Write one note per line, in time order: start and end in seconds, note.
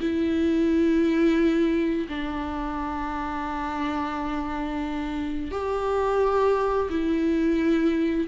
0.00 2.07 E4
2.08 5.51 D4
5.51 6.89 G4
6.89 8.27 E4